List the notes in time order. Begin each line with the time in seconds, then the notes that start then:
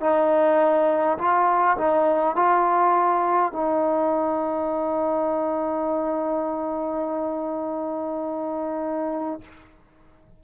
0.00 D#4
1.18 F4
1.77 D#4
2.36 F4
3.52 D#4